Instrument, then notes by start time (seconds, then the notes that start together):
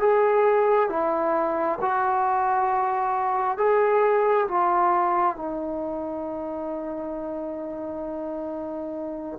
trombone
0.00 G#4
0.90 E4
1.82 F#4
3.58 G#4
4.49 F4
5.36 D#4